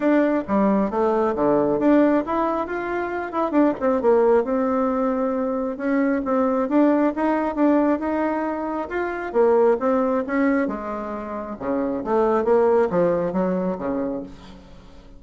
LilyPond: \new Staff \with { instrumentName = "bassoon" } { \time 4/4 \tempo 4 = 135 d'4 g4 a4 d4 | d'4 e'4 f'4. e'8 | d'8 c'8 ais4 c'2~ | c'4 cis'4 c'4 d'4 |
dis'4 d'4 dis'2 | f'4 ais4 c'4 cis'4 | gis2 cis4 a4 | ais4 f4 fis4 cis4 | }